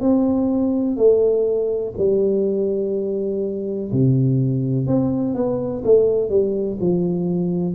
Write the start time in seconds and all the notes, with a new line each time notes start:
0.00 C4
0.97 A3
1.98 G3
3.92 C3
4.87 C4
5.34 B3
5.84 A3
6.29 G3
6.80 F3